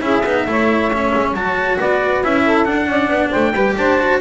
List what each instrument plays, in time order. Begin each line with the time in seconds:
0.00 double bass C#4, cello E4, saxophone G#4, trumpet E5
0.23 double bass B3, cello D#4
0.46 double bass A3, cello E4, saxophone C#5
0.92 cello C#4
1.14 double bass G#3
1.33 double bass F#3, cello F#4, trumpet A5
1.78 double bass B3, saxophone B4, trumpet D5
2.23 double bass C#4, cello E4, trumpet E5
2.43 saxophone A4
2.65 cello D4, double bass D4, trumpet F#5
2.87 double bass C#4, saxophone D5
3.09 double bass B3
3.29 double bass A3, saxophone C5, trumpet G5
3.53 double bass G3, cello G4, saxophone B4
3.77 double bass D4, saxophone C5, trumpet A5
3.99 cello F#4